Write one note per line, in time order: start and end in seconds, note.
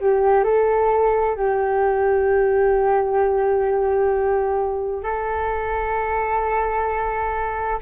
0.00 0.44 G4
0.44 1.36 A4
1.36 5.03 G4
5.03 7.80 A4